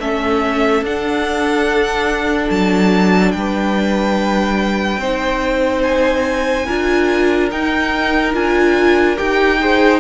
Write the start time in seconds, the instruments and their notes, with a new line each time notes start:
0.00 cello A3, viola C#4, violin A4 E5
0.82 cello D4, viola D4, violin F#5
2.50 cello F#3, violin A5
3.32 cello G3, violin G5
3.39 violin B4
4.98 cello C4, viola D#4, violin C5
5.83 violin G#5
6.67 cello D4, viola F4, violin A#4
7.52 cello D#4, viola D#4, violin G5
8.34 cello D4, viola F4, violin G#5
9.17 cello D#4, viola G4, violin G5
9.60 viola G#4, violin C5